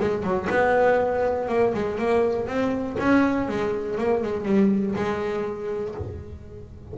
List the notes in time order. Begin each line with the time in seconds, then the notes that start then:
0.00 G#3
0.23 F#3
0.49 B3
1.48 A#3
1.74 G#3
1.98 A#3
2.47 C4
2.99 C#4
3.48 G#3
3.98 A#3
4.23 G#3
4.45 G3
4.95 G#3